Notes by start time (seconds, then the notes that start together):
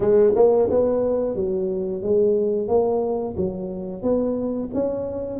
0.00 G#3
0.35 A#3
0.70 B3
1.35 F#3
2.02 G#3
2.68 A#3
3.36 F#3
4.02 B3
4.74 C#4